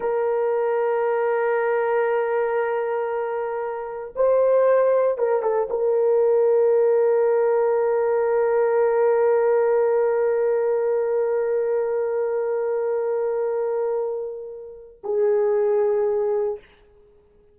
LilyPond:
\new Staff \with { instrumentName = "horn" } { \time 4/4 \tempo 4 = 116 ais'1~ | ais'1 | c''2 ais'8 a'8 ais'4~ | ais'1~ |
ais'1~ | ais'1~ | ais'1~ | ais'4 gis'2. | }